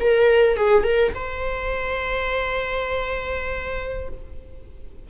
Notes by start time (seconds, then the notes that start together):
0.00 A#4
0.56 G#4
0.83 A#4
1.14 C5